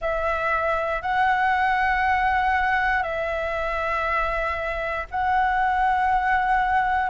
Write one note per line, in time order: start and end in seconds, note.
0.01 1.02 E5
1.02 3.02 F#5
3.02 5.06 E5
5.10 7.10 F#5